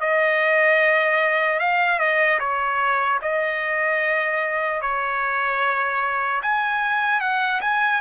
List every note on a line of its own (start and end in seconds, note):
0.00 1.59 D#5
1.59 1.99 F5
1.99 2.39 D#5
2.39 3.19 C#5
3.21 4.81 D#5
4.81 6.41 C#5
6.42 7.20 G#5
7.20 7.60 F#5
7.61 8.01 G#5